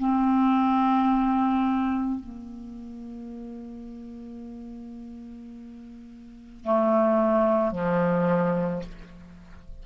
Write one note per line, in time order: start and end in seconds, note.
0.00 2.20 C4
2.20 6.65 A#3
6.65 7.72 A3
7.72 8.83 F3